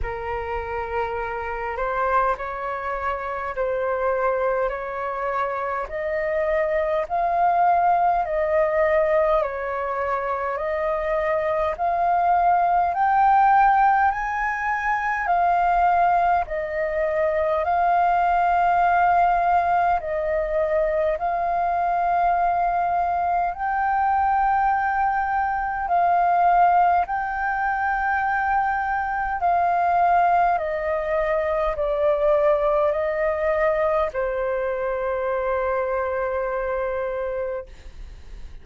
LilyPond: \new Staff \with { instrumentName = "flute" } { \time 4/4 \tempo 4 = 51 ais'4. c''8 cis''4 c''4 | cis''4 dis''4 f''4 dis''4 | cis''4 dis''4 f''4 g''4 | gis''4 f''4 dis''4 f''4~ |
f''4 dis''4 f''2 | g''2 f''4 g''4~ | g''4 f''4 dis''4 d''4 | dis''4 c''2. | }